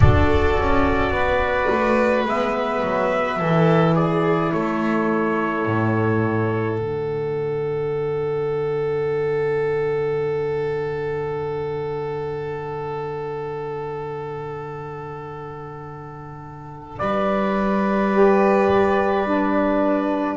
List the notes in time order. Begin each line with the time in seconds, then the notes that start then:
0.00 D4 F#4 A4 D5
0.58 C#4
1.10 B3 B4
1.69 A3
2.25 G#3 B3 E5
2.82 F#3
3.38 E3 E4 A4
3.95 G#4 D5
4.52 A3 A4 C#5
5.65 A2
6.77 D3 D4 F#5
16.98 G3 B4 D5
18.13 G4
19.26 D4